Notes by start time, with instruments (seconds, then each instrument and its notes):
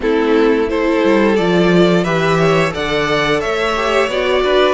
0.00 cello A3, viola C4, violin E4 A4
0.68 viola E4, violin A4 C5
1.04 cello G3
1.36 cello F3, viola F4, violin D5
2.03 cello E3, viola G4, violin B4 E5
2.39 violin C#5
2.69 viola A4, violin D5 F#5
2.76 cello D3
3.40 cello A3, violin C#5 E5
3.75 viola G4
4.08 cello B3, viola F#4, violin D5
4.43 cello D4, violin B4